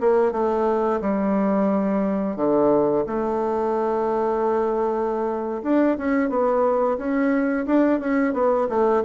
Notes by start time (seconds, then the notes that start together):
0.00 A#3
0.32 A3
1.01 G3
2.36 D3
3.07 A3
5.63 D4
5.98 C#4
6.29 B3
6.98 C#4
7.66 D4
8.00 C#4
8.34 B3
8.69 A3